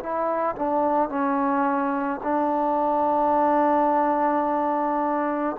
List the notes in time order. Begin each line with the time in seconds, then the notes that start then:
0.00 E4
0.56 D4
1.09 C#4
2.23 D4